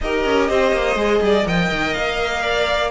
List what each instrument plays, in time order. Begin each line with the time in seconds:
0.01 cello D#4, viola G4, violin A#4 D#5
0.25 cello C#4
0.49 cello C4, violin C5
0.72 cello A#3
0.95 cello G#3, viola G#4
1.21 cello G3, violin D5
1.45 cello F3, viola A#4, violin D#5 G5
1.70 cello D#3
1.93 cello A#3, violin F5
2.42 violin D5